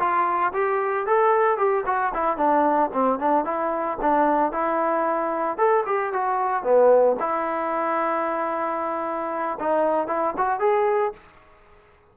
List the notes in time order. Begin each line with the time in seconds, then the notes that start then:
0.00 F4
0.54 G4
1.07 A4
1.58 G4
1.87 F#4
2.15 E4
2.38 D4
2.94 C4
3.20 D4
3.45 E4
4.02 D4
4.53 E4
5.58 A4
5.87 G4
6.13 F#4
6.64 B3
7.20 E4
9.60 D#4
10.08 E4
10.38 F#4
10.60 G#4